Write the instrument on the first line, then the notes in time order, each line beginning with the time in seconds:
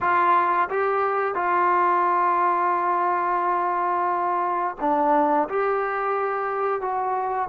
trombone
0.00 F4
0.69 G4
1.35 F4
4.80 D4
5.49 G4
6.81 F#4